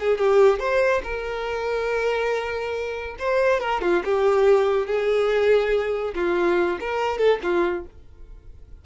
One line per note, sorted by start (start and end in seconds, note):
0.00 0.18 G#4
0.18 0.59 G4
0.59 1.02 C5
1.03 3.16 A#4
3.19 3.60 C5
3.60 3.82 A#4
3.82 4.03 F4
4.05 4.87 G4
4.87 6.14 G#4
6.15 6.79 F4
6.80 7.18 A#4
7.18 7.39 A4
7.43 7.85 F4